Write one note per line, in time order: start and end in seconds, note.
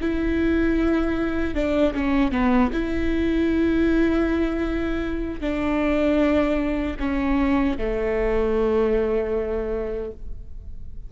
0.00 1.54 E4
1.54 1.93 D4
1.93 2.31 C#4
2.31 2.70 B3
2.72 5.40 E4
5.40 6.96 D4
6.99 7.77 C#4
7.77 10.11 A3